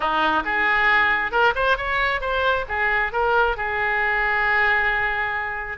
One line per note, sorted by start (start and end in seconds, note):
0.00 0.43 D#4
0.44 1.31 G#4
1.31 1.53 A#4
1.55 1.77 C5
1.77 2.21 C#5
2.21 2.65 C5
2.68 3.12 G#4
3.12 3.57 A#4
3.57 5.77 G#4